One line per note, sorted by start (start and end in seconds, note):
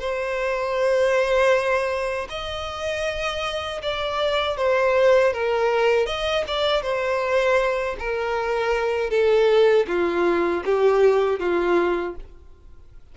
0.00 2.28 C5
2.30 3.81 D#5
3.83 4.57 D5
4.57 5.33 C5
5.33 6.06 A#4
6.06 6.44 D#5
6.48 6.82 D5
6.82 7.96 C5
7.99 9.10 A#4
9.10 9.86 A4
9.87 10.63 F4
10.65 11.40 G4
11.40 12.16 F4